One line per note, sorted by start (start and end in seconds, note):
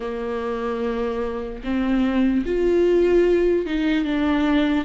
0.00 1.62 A#3
1.64 2.45 C4
2.45 3.66 F4
3.66 4.04 D#4
4.04 4.84 D4